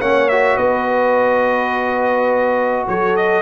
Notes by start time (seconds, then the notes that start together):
0.00 A#3 C#4 C#5 F#5
0.28 F#4 E5
0.57 B3 B4 D#5
2.88 F#3 A4 C#5
3.16 D#5